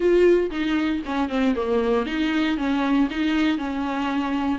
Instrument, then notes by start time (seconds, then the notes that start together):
viola
0.00 F4
0.50 D#4
1.05 C#4
1.29 C4
1.55 A#3
2.06 D#4
2.57 C#4
3.10 D#4
3.58 C#4